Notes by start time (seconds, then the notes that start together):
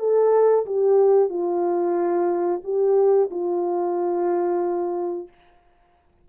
0.00 A4
0.66 G4
1.30 F4
2.64 G4
3.31 F4